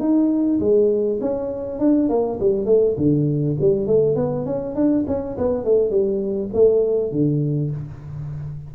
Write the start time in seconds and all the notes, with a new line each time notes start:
0.00 D#4
0.61 G#3
1.21 C#4
1.80 D4
2.10 A#3
2.40 G3
2.66 A3
2.98 D3
3.61 G3
3.87 A3
4.16 B3
4.46 C#4
4.76 D4
5.08 C#4
5.38 B3
5.65 A3
5.91 G3
6.54 A3
7.12 D3